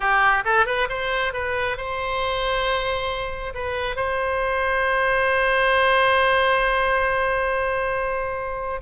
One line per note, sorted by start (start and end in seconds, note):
0.00 0.43 G4
0.45 0.66 A4
0.66 0.88 B4
0.89 1.33 C5
1.33 1.77 B4
1.77 3.53 C5
3.54 3.95 B4
3.95 8.81 C5